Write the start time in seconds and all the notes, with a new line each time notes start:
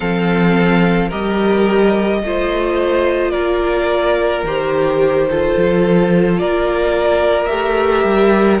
0.00 F3 C4 A4 F5
1.08 G3 G4 A#4 D#5
2.22 A3 F4 C5
3.30 A#3 A#4 D5
4.43 D#3 G4 C5
5.29 F4 A4
5.56 F3
6.38 A#3 A#4 D5
7.45 A3 G4 E5
8.04 G3